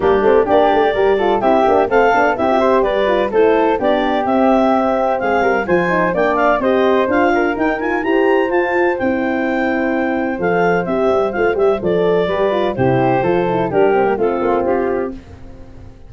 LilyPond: <<
  \new Staff \with { instrumentName = "clarinet" } { \time 4/4 \tempo 4 = 127 g'4 d''2 e''4 | f''4 e''4 d''4 c''4 | d''4 e''2 f''4 | gis''4 g''8 f''8 dis''4 f''4 |
g''8 gis''8 ais''4 a''4 g''4~ | g''2 f''4 e''4 | f''8 e''8 d''2 c''4~ | c''4 ais'4 a'4 g'4 | }
  \new Staff \with { instrumentName = "flute" } { \time 4/4 d'4 g'4 ais'8 a'8 g'4 | a'4 g'8 c''8 b'4 a'4 | g'2. gis'8 ais'8 | c''4 d''4 c''4. ais'8~ |
ais'4 c''2.~ | c''1~ | c''2 b'4 g'4 | a'4 g'4 f'2 | }
  \new Staff \with { instrumentName = "horn" } { \time 4/4 ais8 c'8 d'4 g'8 f'8 e'8 d'8 | c'8 d'8 e'16 f'16 g'4 f'8 e'4 | d'4 c'2. | f'8 dis'8 d'4 g'4 f'4 |
dis'8 f'8 g'4 f'4 e'4~ | e'2 a'4 g'4 | f'8 g'8 a'4 g'8 f'8 e'4 | f'8 e'8 d'8 c'16 ais16 c'2 | }
  \new Staff \with { instrumentName = "tuba" } { \time 4/4 g8 a8 ais8 a8 g4 c'8 ais8 | a8 b8 c'4 g4 a4 | b4 c'2 gis8 g8 | f4 ais4 c'4 d'4 |
dis'4 e'4 f'4 c'4~ | c'2 f4 c'8 g8 | a8 g8 f4 g4 c4 | f4 g4 a8 ais8 c'4 | }
>>